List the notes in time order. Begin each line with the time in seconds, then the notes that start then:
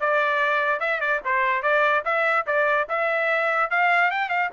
0.00 D5
0.80 E5
1.00 D5
1.25 C5
1.63 D5
2.05 E5
2.46 D5
2.89 E5
3.70 F5
4.11 G5
4.29 F5